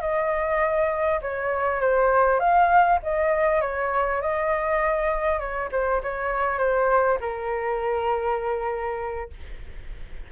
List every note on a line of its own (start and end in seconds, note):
0.00 1.20 D#5
1.21 1.80 C#5
1.80 2.39 C5
2.39 2.99 F5
3.02 3.61 D#5
3.61 4.21 C#5
4.21 5.39 D#5
5.39 5.69 C#5
5.71 6.01 C5
6.02 6.58 C#5
6.58 7.18 C5
7.20 9.30 A#4